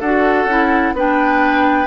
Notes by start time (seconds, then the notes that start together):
0.00 D4 F#4 A4 F#5
0.45 C#4 E4
0.94 B3 D4 B4 G5